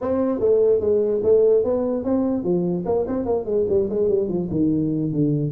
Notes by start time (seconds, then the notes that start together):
0.01 C4
0.39 A3
0.80 G#3
1.23 A3
1.63 B3
2.04 C4
2.43 F3
2.85 A#3
3.07 C4
3.25 A#3
3.45 G#3
3.68 G3
3.89 G#3
4.09 G3
4.28 F3
4.50 D#3
5.12 D3